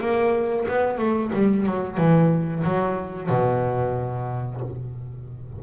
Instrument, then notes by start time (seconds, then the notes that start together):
double bass
0.00 A#3
0.68 B3
0.98 A3
1.33 G3
1.66 F#3
1.97 E3
2.64 F#3
3.29 B2